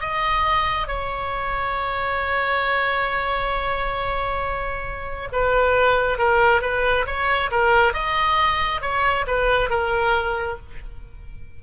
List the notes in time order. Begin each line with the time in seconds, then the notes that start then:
0.00 D#5
0.87 C#5
5.32 B4
6.18 A#4
6.61 B4
7.06 C#5
7.51 A#4
7.93 D#5
8.82 C#5
9.27 B4
9.70 A#4